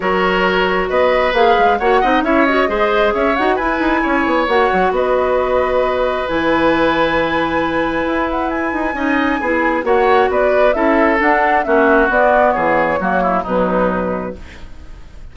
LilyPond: <<
  \new Staff \with { instrumentName = "flute" } { \time 4/4 \tempo 4 = 134 cis''2 dis''4 f''4 | fis''4 e''8 dis''4. e''8 fis''8 | gis''2 fis''4 dis''4~ | dis''2 gis''2~ |
gis''2~ gis''8 fis''8 gis''4~ | gis''2 fis''4 d''4 | e''4 fis''4 e''4 d''4 | cis''2 b'2 | }
  \new Staff \with { instrumentName = "oboe" } { \time 4/4 ais'2 b'2 | cis''8 dis''8 cis''4 c''4 cis''4 | b'4 cis''2 b'4~ | b'1~ |
b'1 | dis''4 gis'4 cis''4 b'4 | a'2 fis'2 | gis'4 fis'8 e'8 dis'2 | }
  \new Staff \with { instrumentName = "clarinet" } { \time 4/4 fis'2. gis'4 | fis'8 dis'8 e'8 fis'8 gis'4. fis'8 | e'2 fis'2~ | fis'2 e'2~ |
e'1 | dis'4 e'4 fis'2 | e'4 d'4 cis'4 b4~ | b4 ais4 fis2 | }
  \new Staff \with { instrumentName = "bassoon" } { \time 4/4 fis2 b4 ais8 gis8 | ais8 c'8 cis'4 gis4 cis'8 dis'8 | e'8 dis'8 cis'8 b8 ais8 fis8 b4~ | b2 e2~ |
e2 e'4. dis'8 | cis'4 b4 ais4 b4 | cis'4 d'4 ais4 b4 | e4 fis4 b,2 | }
>>